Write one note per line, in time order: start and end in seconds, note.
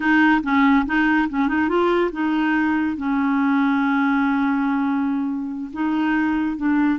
0.00 0.41 D#4
0.43 0.85 C#4
0.86 1.28 D#4
1.29 1.48 C#4
1.48 1.68 D#4
1.68 2.10 F4
2.12 2.96 D#4
2.96 5.71 C#4
5.72 6.56 D#4
6.56 6.99 D4